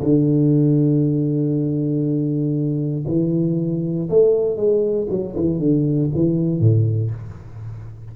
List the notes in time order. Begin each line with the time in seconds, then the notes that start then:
0.00 D3
3.07 E3
4.09 A3
4.56 G#3
5.09 F#3
5.36 E3
5.59 D3
6.15 E3
6.60 A2